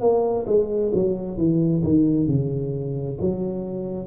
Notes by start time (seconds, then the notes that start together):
0.00 A#3
0.46 G#3
0.94 F#3
1.37 E3
1.83 D#3
2.27 C#3
3.20 F#3